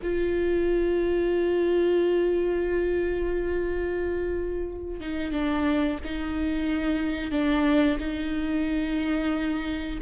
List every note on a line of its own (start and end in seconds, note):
0.02 5.00 F4
5.00 5.32 D#4
5.32 5.98 D4
6.04 7.31 D#4
7.31 7.98 D4
7.98 9.98 D#4